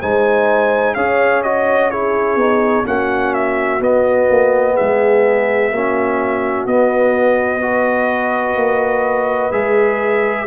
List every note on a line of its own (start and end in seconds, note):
0.00 0.96 G#3
0.00 0.97 D#4
0.00 0.95 C5
0.00 0.94 G#5
0.94 2.36 C#4
0.94 1.44 G#4
0.94 1.90 C#5
0.94 1.42 F5
1.43 1.92 F#4
1.43 1.90 D#5
1.90 2.39 E4
1.90 2.85 G#4
1.90 2.85 C#5
2.36 2.83 B3
2.36 2.84 D#4
2.84 3.80 A#3
2.84 3.80 C#4
2.84 4.74 F#4
2.84 3.34 F#5
3.34 3.81 E5
3.80 4.27 B3
3.80 5.72 B3
3.80 4.76 D#5
4.30 4.77 A#3
4.74 5.71 G#3
4.74 5.69 G#4
4.74 6.66 E5
5.71 6.66 A#3
5.71 6.68 C#4
5.71 7.63 F#4
6.66 8.56 B3
6.66 7.61 B3
6.66 9.52 D#5
7.61 9.51 F#4
7.61 10.47 B4
8.56 9.51 A#3
9.51 10.46 G#3
9.51 10.46 G#4
9.51 10.47 E5